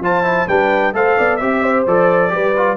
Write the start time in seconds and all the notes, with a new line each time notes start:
0.00 F3 F4 C5 A5
0.24 E4
0.48 G3 D4 B4 G5
0.93 A3 A4 C5 F5
1.18 B3 D5
1.37 C4 G4 E5
1.63 C5
1.87 F3 A4 D5
2.29 G3 G4 B4
2.56 F4